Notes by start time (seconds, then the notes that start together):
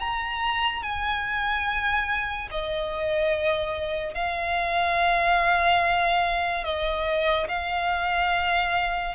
0.00 A#5
0.83 G#5
2.51 D#5
4.14 F5
6.64 D#5
7.48 F5